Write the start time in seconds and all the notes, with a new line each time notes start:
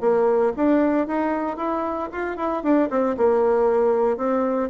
0.00 A#3
0.56 D4
1.07 D#4
1.57 E4
2.12 F4
2.37 E4
2.63 D4
2.90 C4
3.17 A#3
4.17 C4